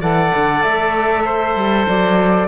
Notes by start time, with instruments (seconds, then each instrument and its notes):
0.00 cello E3, saxophone A4, oboe D5, flute F#5
0.35 cello D3
0.63 cello A3, flute E5
1.24 oboe C5
1.55 cello G3
1.87 cello F#3, flute D5